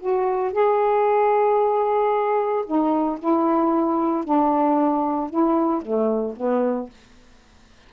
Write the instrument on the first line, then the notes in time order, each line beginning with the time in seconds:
saxophone
0.00 F#4
0.53 G#4
2.66 D#4
3.19 E4
4.25 D4
5.30 E4
5.82 A3
6.37 B3